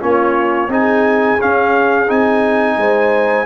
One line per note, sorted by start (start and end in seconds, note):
0.00 0.69 A#3
0.00 0.69 C#4
0.00 0.70 F4
0.00 0.72 C#5
0.69 1.38 C4
0.69 1.39 D#4
0.69 2.77 G#4
0.69 1.42 G#5
1.40 2.08 C#4
1.40 2.10 C#4
1.40 2.10 F5
2.08 2.77 C4
2.08 3.46 D#4
2.08 3.46 G#5
2.77 3.46 G#3
2.77 3.46 C5